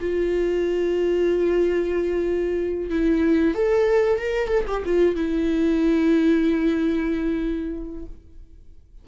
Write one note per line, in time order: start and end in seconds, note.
0.00 2.90 F4
2.90 3.54 E4
3.54 4.19 A4
4.19 4.48 A#4
4.48 4.64 A4
4.67 4.83 G4
4.85 5.15 F4
5.15 8.05 E4